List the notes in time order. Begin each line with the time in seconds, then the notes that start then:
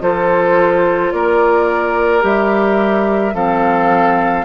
0.00 F3 F4 A4 C5
1.12 A#3 A#4 D5
2.21 G3 G4 E5
3.34 F3 C4 A4 F5